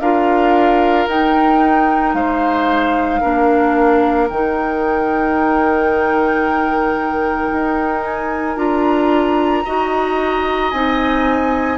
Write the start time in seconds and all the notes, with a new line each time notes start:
0.00 D4 F4 A#4 F5
1.07 D#4 G5
2.14 G#3 C5 F5
3.21 A#3 D4 A#4
4.29 D#3 D#4 G5
7.52 D#4
8.04 G#5
8.56 D4 F4 A#5
9.65 D#4 F#4 D#5
10.71 C4 D#4 G#5